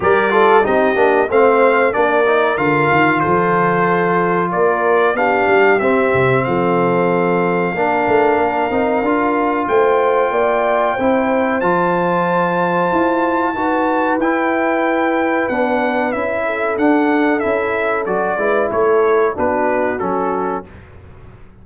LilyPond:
<<
  \new Staff \with { instrumentName = "trumpet" } { \time 4/4 \tempo 4 = 93 d''4 dis''4 f''4 d''4 | f''4 c''2 d''4 | f''4 e''4 f''2~ | f''2. g''4~ |
g''2 a''2~ | a''2 g''2 | fis''4 e''4 fis''4 e''4 | d''4 cis''4 b'4 a'4 | }
  \new Staff \with { instrumentName = "horn" } { \time 4/4 ais'8 a'8 g'4 c''4 ais'4~ | ais'4 a'2 ais'4 | g'2 a'2 | ais'2. c''4 |
d''4 c''2.~ | c''4 b'2.~ | b'4. a'2~ a'8~ | a'8 b'8 a'4 fis'2 | }
  \new Staff \with { instrumentName = "trombone" } { \time 4/4 g'8 f'8 dis'8 d'8 c'4 d'8 dis'8 | f'1 | d'4 c'2. | d'4. dis'8 f'2~ |
f'4 e'4 f'2~ | f'4 fis'4 e'2 | d'4 e'4 d'4 e'4 | fis'8 e'4. d'4 cis'4 | }
  \new Staff \with { instrumentName = "tuba" } { \time 4/4 g4 c'8 ais8 a4 ais4 | d8 dis8 f2 ais4 | b8 g8 c'8 c8 f2 | ais8 a8 ais8 c'8 d'4 a4 |
ais4 c'4 f2 | e'4 dis'4 e'2 | b4 cis'4 d'4 cis'4 | fis8 gis8 a4 b4 fis4 | }
>>